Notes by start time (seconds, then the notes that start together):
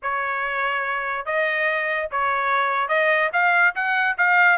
0.02 C#5
1.25 D#5
2.11 C#5
2.88 D#5
3.32 F5
3.75 F#5
4.17 F5